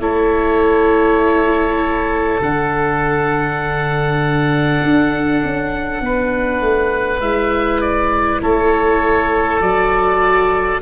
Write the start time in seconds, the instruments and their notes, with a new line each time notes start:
0.00 tuba A3, viola E4, oboe A4 C#5
2.40 tuba D3, viola D4, oboe F#5
4.83 tuba D4
5.44 tuba C#4
6.00 tuba B3, oboe B4
6.61 tuba A3
7.20 tuba G#3, viola E4, oboe E5
7.81 oboe D5
8.40 tuba A3, oboe A4 C#5
9.61 tuba F#3, viola F#4, oboe D5